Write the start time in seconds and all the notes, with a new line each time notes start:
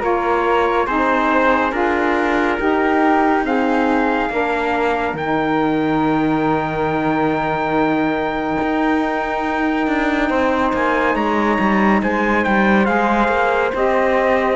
0.00 A#3 F4 A#4 C#5
0.86 C4 D#4 G#4 C5
1.72 D4 F4 A#4
2.59 D#4 G4
3.43 C4 G#4 F5
4.30 A#3 D4 A#4
5.14 D#3 D#4 G5
8.62 D#4
9.87 D4
10.29 C4 C5
10.73 A#3 G#5
11.15 G#3 C#5 A#5
11.60 G3
12.02 G#3 C5 G#5
12.44 G3 G5
12.86 G#3 G#4 F5
13.29 A#3
13.74 C4 G4 D#5